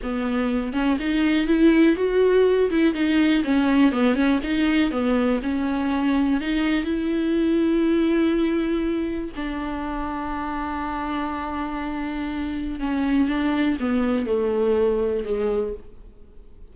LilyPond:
\new Staff \with { instrumentName = "viola" } { \time 4/4 \tempo 4 = 122 b4. cis'8 dis'4 e'4 | fis'4. e'8 dis'4 cis'4 | b8 cis'8 dis'4 b4 cis'4~ | cis'4 dis'4 e'2~ |
e'2. d'4~ | d'1~ | d'2 cis'4 d'4 | b4 a2 gis4 | }